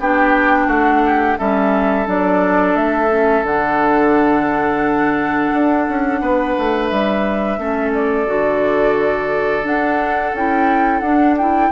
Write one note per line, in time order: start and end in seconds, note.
0.00 0.67 B3
0.00 1.38 D4
0.00 0.67 G4
0.00 0.69 G5
0.67 1.36 A3
0.67 1.01 F#4
0.67 1.38 F#5
1.06 1.38 G4
1.38 2.07 G3
1.38 2.05 C#4
1.38 6.21 A4
1.38 2.08 E5
2.05 2.75 F#3
2.05 3.09 D4
2.05 2.76 D5
2.75 3.43 A3
2.75 3.45 E5
3.09 3.44 C#4
3.43 5.50 D3
3.43 7.58 D4
3.43 6.87 F#5
5.53 5.88 D4
5.88 6.21 C#4
6.21 6.55 B3
6.21 7.59 B4
6.58 6.91 A3
6.87 7.58 G3
6.87 7.91 E5
7.58 8.27 A3
7.58 8.26 C#4
7.58 11.72 A4
7.94 9.66 D5
8.26 9.64 D3
8.26 9.63 F#4
9.63 10.32 D4
9.63 10.33 D4
9.63 10.35 F#5
10.33 11.01 C#4
10.33 11.03 E4
10.33 11.00 G5
11.00 11.70 D4
11.00 11.38 D4
11.00 11.34 F#5
11.37 11.72 E4
11.37 11.72 G5